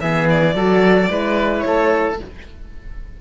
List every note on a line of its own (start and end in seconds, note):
0.00 0.55 E3
0.00 0.55 B3
0.00 0.55 G#4
0.00 0.27 E5
0.29 1.59 D5
0.55 1.09 F#3
0.55 1.08 F#4
0.55 1.09 A4
1.08 1.63 G#3
1.08 2.17 E4
1.08 1.65 B4
1.59 2.13 C#5
1.65 2.19 A3
1.65 2.20 A4